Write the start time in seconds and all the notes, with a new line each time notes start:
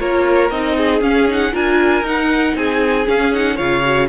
0.00 A#3 F4 A#4 C#5
0.51 C4 D#4 D#5
0.77 G#4
1.02 C#4 F5
1.28 D#4 F#5
1.53 D4 F4 A#4 G#5
2.02 D#4 F#5
2.56 C4 G#4 G#5
3.06 C#4 F5
3.34 D#4 F#5
3.56 C#3 F4 C#5 F5
3.85 F#4